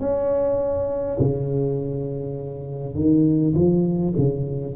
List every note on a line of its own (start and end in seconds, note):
0.00 1.18 C#4
1.20 2.96 C#3
2.96 3.55 D#3
3.55 4.14 F3
4.18 4.76 C#3